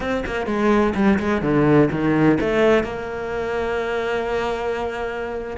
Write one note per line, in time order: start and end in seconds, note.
0.00 0.24 C4
0.26 0.46 A#3
0.46 0.94 G#3
0.94 1.18 G3
1.19 1.42 G#3
1.42 1.89 D3
1.91 2.38 D#3
2.40 2.83 A3
2.83 5.57 A#3